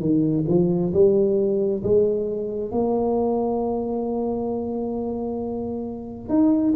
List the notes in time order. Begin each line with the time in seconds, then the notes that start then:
0.00 D#3
0.48 F3
0.93 G3
1.84 G#3
2.72 A#3
6.29 D#4